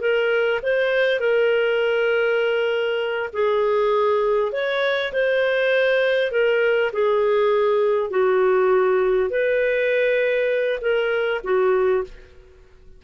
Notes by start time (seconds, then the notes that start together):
0.00 A#4
0.62 C5
1.19 A#4
3.33 G#4
4.52 C#5
5.12 C5
6.31 A#4
6.92 G#4
8.10 F#4
9.29 B4
10.81 A#4
11.43 F#4